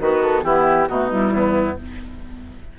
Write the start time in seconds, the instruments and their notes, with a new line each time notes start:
0.00 bassoon D#3, oboe B3, clarinet F#4, flute B4
0.22 flute A4
0.43 bassoon E3, clarinet B3, oboe E4, flute G4
0.88 bassoon B2, clarinet A3, oboe D#4, flute F#4
1.10 clarinet G3, flute E4
1.32 bassoon E2, oboe B3